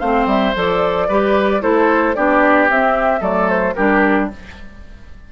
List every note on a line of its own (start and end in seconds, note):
0.00 0.26 A3
0.00 0.55 C4
0.00 1.08 C5
0.00 0.27 F5
0.26 0.53 G3
0.26 0.55 E5
0.55 1.09 F3
0.55 1.09 A4
0.55 1.63 D5
1.09 1.63 G3
1.09 1.61 G4
1.09 1.62 B4
1.61 2.16 A3
1.61 2.15 E4
1.61 2.16 A4
1.61 2.15 C5
2.15 2.70 B3
2.15 2.70 D4
2.15 3.21 G4
2.15 2.69 D5
2.70 3.21 C4
2.70 3.23 E5
3.21 3.74 F#3
3.21 3.74 A3
3.21 3.74 A4
3.21 3.50 D5
3.50 3.75 C5
3.75 4.32 G3
3.75 4.31 D4
3.75 4.30 G4
3.75 4.28 A#4